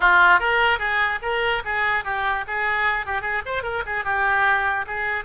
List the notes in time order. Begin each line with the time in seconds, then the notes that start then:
0.00 F4
0.39 A#4
0.78 G#4
1.22 A#4
1.64 G#4
2.04 G4
2.47 G#4
3.06 G4
3.21 G#4
3.45 C5
3.62 A#4
3.86 G#4
4.04 G4
4.86 G#4